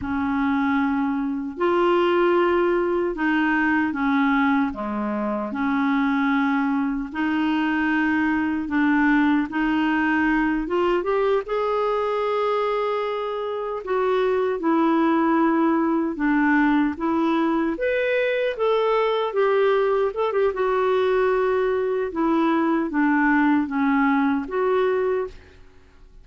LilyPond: \new Staff \with { instrumentName = "clarinet" } { \time 4/4 \tempo 4 = 76 cis'2 f'2 | dis'4 cis'4 gis4 cis'4~ | cis'4 dis'2 d'4 | dis'4. f'8 g'8 gis'4.~ |
gis'4. fis'4 e'4.~ | e'8 d'4 e'4 b'4 a'8~ | a'8 g'4 a'16 g'16 fis'2 | e'4 d'4 cis'4 fis'4 | }